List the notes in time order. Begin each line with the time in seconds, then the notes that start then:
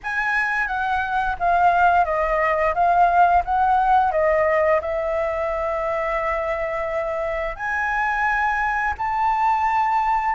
0.03 G#5
0.67 F#5
1.39 F5
2.05 D#5
2.74 F5
3.45 F#5
4.11 D#5
4.81 E5
7.56 G#5
8.97 A5